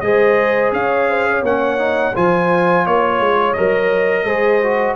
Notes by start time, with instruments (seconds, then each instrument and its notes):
0.00 tuba G#3, trombone G#4, horn C5, trumpet D#5
0.72 tuba C#4, horn C#5, trumpet F5
1.10 horn C5
1.31 horn C#5
1.42 tuba A#3, trombone C#4, trumpet F#5
1.78 trombone D#4
2.14 tuba F3, trombone F4, horn C5, trumpet G#5
2.86 tuba A#3, trumpet C#5, horn C#5
3.20 tuba G#3
3.53 tuba F#3, trombone A#4, trumpet D#5
4.23 tuba G#3, trombone G#4, horn C5
4.63 trombone F#4